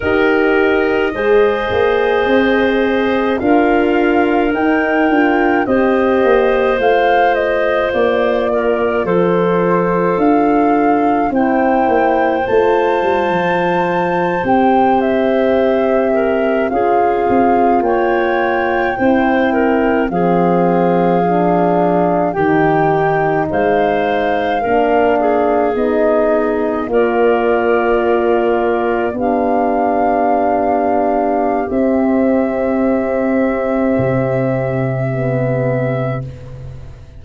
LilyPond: <<
  \new Staff \with { instrumentName = "flute" } { \time 4/4 \tempo 4 = 53 dis''2. f''4 | g''4 dis''4 f''8 dis''8 d''4 | c''4 f''4 g''4 a''4~ | a''8. g''8 e''4. f''4 g''16~ |
g''4.~ g''16 f''2 g''16~ | g''8. f''2 dis''4 d''16~ | d''4.~ d''16 f''2~ f''16 | e''1 | }
  \new Staff \with { instrumentName = "clarinet" } { \time 4/4 ais'4 c''2 ais'4~ | ais'4 c''2~ c''8 ais'8 | a'2 c''2~ | c''2~ c''16 ais'8 gis'4 cis''16~ |
cis''8. c''8 ais'8 gis'2 g'16~ | g'8. c''4 ais'8 gis'4. ais'16~ | ais'4.~ ais'16 g'2~ g'16~ | g'1 | }
  \new Staff \with { instrumentName = "horn" } { \time 4/4 g'4 gis'2 f'4 | dis'8 f'8 g'4 f'2~ | f'2 e'4 f'4~ | f'8. g'2 f'4~ f'16~ |
f'8. e'4 c'4 d'4 dis'16~ | dis'4.~ dis'16 d'4 dis'4 f'16~ | f'4.~ f'16 d'2~ d'16 | c'2. b4 | }
  \new Staff \with { instrumentName = "tuba" } { \time 4/4 dis'4 gis8 ais8 c'4 d'4 | dis'8 d'8 c'8 ais8 a4 ais4 | f4 d'4 c'8 ais8 a8 g16 f16~ | f8. c'2 cis'8 c'8 ais16~ |
ais8. c'4 f2 dis16~ | dis8. gis4 ais4 b4 ais16~ | ais4.~ ais16 b2~ b16 | c'2 c2 | }
>>